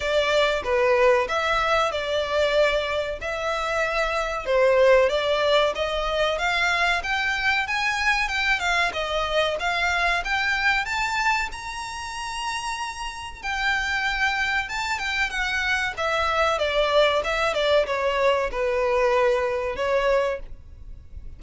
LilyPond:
\new Staff \with { instrumentName = "violin" } { \time 4/4 \tempo 4 = 94 d''4 b'4 e''4 d''4~ | d''4 e''2 c''4 | d''4 dis''4 f''4 g''4 | gis''4 g''8 f''8 dis''4 f''4 |
g''4 a''4 ais''2~ | ais''4 g''2 a''8 g''8 | fis''4 e''4 d''4 e''8 d''8 | cis''4 b'2 cis''4 | }